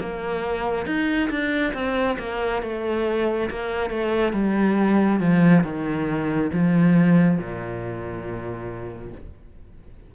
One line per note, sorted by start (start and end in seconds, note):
0.00 0.86 A#3
0.86 1.30 D#4
1.30 1.74 D4
1.74 2.17 C4
2.19 2.62 A#3
2.62 3.49 A3
3.50 3.90 A#3
3.90 4.33 A3
4.33 5.20 G3
5.20 5.64 F3
5.64 6.51 D#3
6.53 7.38 F3
7.38 9.12 A#2